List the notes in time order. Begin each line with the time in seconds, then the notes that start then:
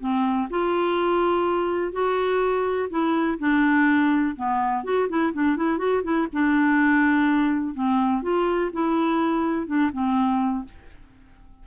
0.00 C4
0.50 F4
1.92 F#4
2.90 E4
3.39 D4
4.36 B3
4.84 F#4
5.09 E4
5.33 D4
5.56 E4
5.78 F#4
6.03 E4
6.33 D4
7.74 C4
8.22 F4
8.73 E4
9.67 D4
9.92 C4